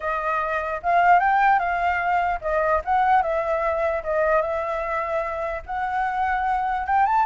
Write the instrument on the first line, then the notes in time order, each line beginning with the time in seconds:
flute
0.00 D#5
0.83 F5
1.19 G5
1.59 F5
2.41 D#5
2.84 F#5
3.22 E5
4.03 D#5
4.41 E5
5.66 F#5
6.86 G5
7.06 A5